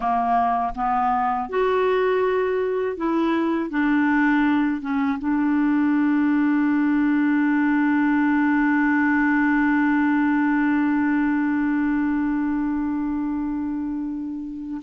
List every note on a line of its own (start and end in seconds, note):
0.00 0.73 A#3
0.75 1.49 B3
1.49 2.96 F#4
2.96 3.70 E4
3.70 4.81 D4
4.81 5.18 C#4
5.18 14.81 D4